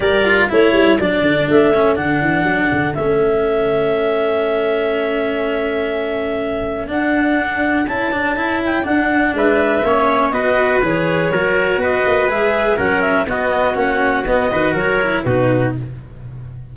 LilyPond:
<<
  \new Staff \with { instrumentName = "clarinet" } { \time 4/4 \tempo 4 = 122 d''4 cis''4 d''4 e''4 | fis''2 e''2~ | e''1~ | e''2 fis''2 |
a''4. g''8 fis''4 e''4~ | e''4 dis''4 cis''2 | dis''4 e''4 fis''8 e''8 dis''4 | fis''4 dis''4 cis''4 b'4 | }
  \new Staff \with { instrumentName = "trumpet" } { \time 4/4 ais'4 a'2.~ | a'1~ | a'1~ | a'1~ |
a'2. b'4 | cis''4 b'2 ais'4 | b'2 ais'4 fis'4~ | fis'4. b'8 ais'4 fis'4 | }
  \new Staff \with { instrumentName = "cello" } { \time 4/4 g'8 f'8 e'4 d'4. cis'8 | d'2 cis'2~ | cis'1~ | cis'2 d'2 |
e'8 d'8 e'4 d'2 | cis'4 fis'4 gis'4 fis'4~ | fis'4 gis'4 cis'4 b4 | cis'4 b8 fis'4 e'8 dis'4 | }
  \new Staff \with { instrumentName = "tuba" } { \time 4/4 g4 a8 g8 fis8 d8 a4 | d8 e8 fis8 d8 a2~ | a1~ | a2 d'2 |
cis'2 d'4 gis4 | ais4 b4 e4 fis4 | b8 ais8 gis4 fis4 b4 | ais4 b8 dis8 fis4 b,4 | }
>>